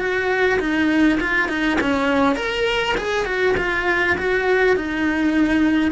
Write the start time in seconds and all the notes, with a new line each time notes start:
0.00 F#4
0.60 D#4
1.20 F4
1.49 D#4
1.81 C#4
2.37 A#4
2.98 G#4
3.26 F#4
3.58 F4
4.18 F#4
4.77 D#4